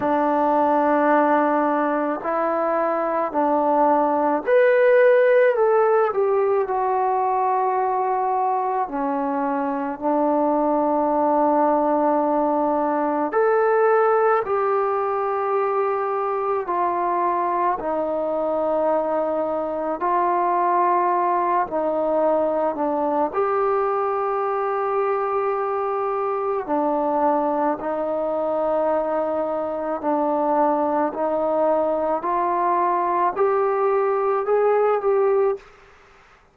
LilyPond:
\new Staff \with { instrumentName = "trombone" } { \time 4/4 \tempo 4 = 54 d'2 e'4 d'4 | b'4 a'8 g'8 fis'2 | cis'4 d'2. | a'4 g'2 f'4 |
dis'2 f'4. dis'8~ | dis'8 d'8 g'2. | d'4 dis'2 d'4 | dis'4 f'4 g'4 gis'8 g'8 | }